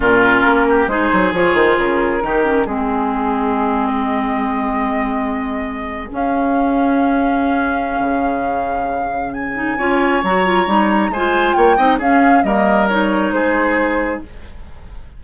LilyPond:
<<
  \new Staff \with { instrumentName = "flute" } { \time 4/4 \tempo 4 = 135 ais'2 c''4 cis''8 c''8 | ais'2 gis'2~ | gis'8. dis''2.~ dis''16~ | dis''4.~ dis''16 f''2~ f''16~ |
f''1~ | f''4 gis''2 ais''4~ | ais''4 gis''4 g''4 f''4 | dis''4 cis''4 c''2 | }
  \new Staff \with { instrumentName = "oboe" } { \time 4/4 f'4. g'8 gis'2~ | gis'4 g'4 gis'2~ | gis'1~ | gis'1~ |
gis'1~ | gis'2 cis''2~ | cis''4 c''4 cis''8 dis''8 gis'4 | ais'2 gis'2 | }
  \new Staff \with { instrumentName = "clarinet" } { \time 4/4 cis'2 dis'4 f'4~ | f'4 dis'8 cis'8 c'2~ | c'1~ | c'4.~ c'16 cis'2~ cis'16~ |
cis'1~ | cis'4. dis'8 f'4 fis'8 f'8 | dis'4 f'4. dis'8 cis'4 | ais4 dis'2. | }
  \new Staff \with { instrumentName = "bassoon" } { \time 4/4 ais,4 ais4 gis8 fis8 f8 dis8 | cis4 dis4 gis2~ | gis1~ | gis4.~ gis16 cis'2~ cis'16~ |
cis'2 cis2~ | cis2 cis'4 fis4 | g4 gis4 ais8 c'8 cis'4 | g2 gis2 | }
>>